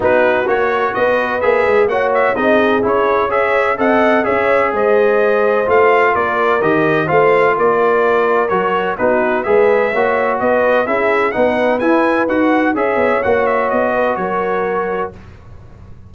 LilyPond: <<
  \new Staff \with { instrumentName = "trumpet" } { \time 4/4 \tempo 4 = 127 b'4 cis''4 dis''4 e''4 | fis''8 e''8 dis''4 cis''4 e''4 | fis''4 e''4 dis''2 | f''4 d''4 dis''4 f''4 |
d''2 cis''4 b'4 | e''2 dis''4 e''4 | fis''4 gis''4 fis''4 e''4 | fis''8 e''8 dis''4 cis''2 | }
  \new Staff \with { instrumentName = "horn" } { \time 4/4 fis'2 b'2 | cis''4 gis'2 cis''4 | dis''4 cis''4 c''2~ | c''4 ais'2 c''4 |
ais'2. fis'4 | b'4 cis''4 b'4 gis'4 | b'2. cis''4~ | cis''4. b'8 ais'2 | }
  \new Staff \with { instrumentName = "trombone" } { \time 4/4 dis'4 fis'2 gis'4 | fis'4 dis'4 e'4 gis'4 | a'4 gis'2. | f'2 g'4 f'4~ |
f'2 fis'4 dis'4 | gis'4 fis'2 e'4 | dis'4 e'4 fis'4 gis'4 | fis'1 | }
  \new Staff \with { instrumentName = "tuba" } { \time 4/4 b4 ais4 b4 ais8 gis8 | ais4 c'4 cis'2 | c'4 cis'4 gis2 | a4 ais4 dis4 a4 |
ais2 fis4 b4 | gis4 ais4 b4 cis'4 | b4 e'4 dis'4 cis'8 b8 | ais4 b4 fis2 | }
>>